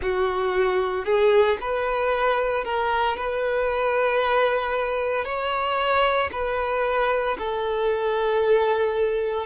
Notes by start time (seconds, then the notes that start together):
0.02 F#4
1.05 G#4
1.60 B4
2.64 A#4
3.16 B4
5.24 C#5
6.32 B4
7.38 A4